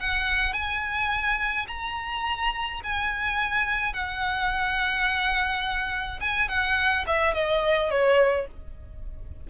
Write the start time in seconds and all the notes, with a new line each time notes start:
0.00 F#5
0.54 G#5
1.68 A#5
2.84 G#5
3.93 F#5
6.21 G#5
6.48 F#5
7.07 E5
7.34 D#5
7.91 C#5